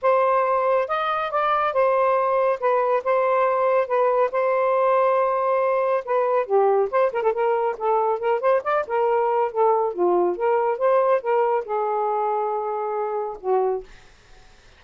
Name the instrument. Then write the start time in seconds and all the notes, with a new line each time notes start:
saxophone
0.02 C5
0.88 D#5
1.30 D5
1.73 C5
2.59 B4
3.04 C5
3.87 B4
4.31 C5
6.05 B4
6.45 G4
6.90 C5
7.12 A#4
7.22 A4
7.32 A#4
7.78 A4
8.19 A#4
8.40 C5
8.63 D5
8.87 A#4
9.51 A4
9.93 F4
10.36 A#4
10.78 C5
11.21 A#4
11.64 G#4
13.40 F#4